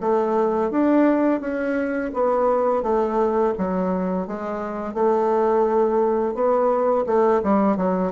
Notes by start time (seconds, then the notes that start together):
0.00 A3
0.70 D4
1.40 C#4
2.13 B3
2.83 A3
3.57 F#3
4.27 G#3
4.94 A3
6.34 B3
7.06 A3
7.43 G3
7.76 F#3